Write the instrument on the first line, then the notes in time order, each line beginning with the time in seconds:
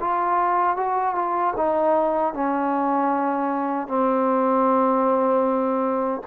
trombone
0.00 F4
0.77 F#4
1.15 F4
1.57 D#4
2.34 C#4
3.88 C4